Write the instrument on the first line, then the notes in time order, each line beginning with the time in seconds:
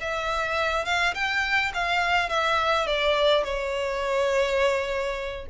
violin
0.00 E5
0.85 F5
1.14 G5
1.74 F5
2.29 E5
2.87 D5
3.44 C#5